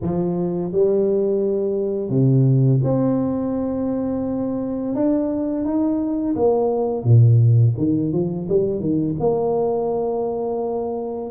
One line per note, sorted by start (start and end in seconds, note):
0.01 0.72 F3
0.72 2.09 G3
2.09 2.80 C3
2.83 4.94 C4
4.94 5.64 D4
5.64 6.35 D#4
6.35 7.04 A#3
7.04 7.74 A#2
7.77 8.12 D#3
8.12 8.47 F3
8.48 8.79 G3
8.79 9.15 D#3
9.19 11.30 A#3